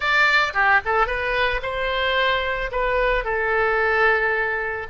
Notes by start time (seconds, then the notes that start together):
0.00 D5
0.53 G4
0.85 A4
1.06 B4
1.62 C5
2.71 B4
3.24 A4